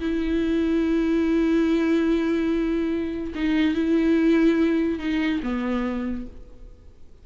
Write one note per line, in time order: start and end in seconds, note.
0.00 3.33 E4
3.35 3.75 D#4
3.75 4.99 E4
4.99 5.40 D#4
5.43 6.26 B3